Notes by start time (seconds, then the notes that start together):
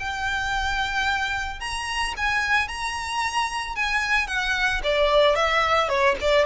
0.00 G5
1.60 A#5
2.17 G#5
2.68 A#5
3.76 G#5
4.28 F#5
4.84 D5
5.36 E5
5.89 C#5
6.21 D5